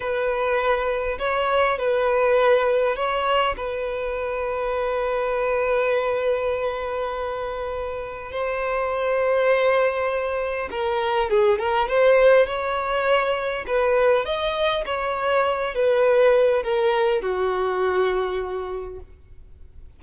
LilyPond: \new Staff \with { instrumentName = "violin" } { \time 4/4 \tempo 4 = 101 b'2 cis''4 b'4~ | b'4 cis''4 b'2~ | b'1~ | b'2 c''2~ |
c''2 ais'4 gis'8 ais'8 | c''4 cis''2 b'4 | dis''4 cis''4. b'4. | ais'4 fis'2. | }